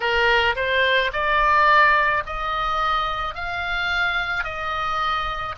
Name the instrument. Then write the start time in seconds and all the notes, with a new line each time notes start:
oboe
0.00 A#4
0.55 C5
1.12 D5
2.26 D#5
3.34 F5
4.43 D#5